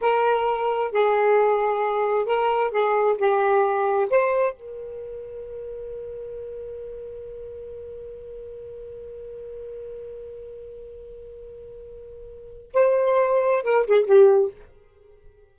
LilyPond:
\new Staff \with { instrumentName = "saxophone" } { \time 4/4 \tempo 4 = 132 ais'2 gis'2~ | gis'4 ais'4 gis'4 g'4~ | g'4 c''4 ais'2~ | ais'1~ |
ais'1~ | ais'1~ | ais'1 | c''2 ais'8 gis'8 g'4 | }